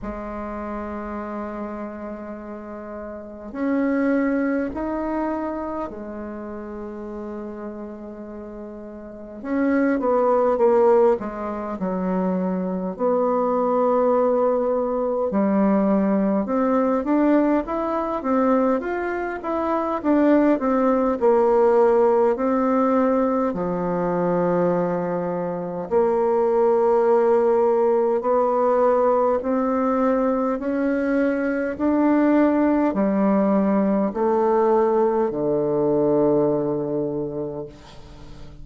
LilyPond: \new Staff \with { instrumentName = "bassoon" } { \time 4/4 \tempo 4 = 51 gis2. cis'4 | dis'4 gis2. | cis'8 b8 ais8 gis8 fis4 b4~ | b4 g4 c'8 d'8 e'8 c'8 |
f'8 e'8 d'8 c'8 ais4 c'4 | f2 ais2 | b4 c'4 cis'4 d'4 | g4 a4 d2 | }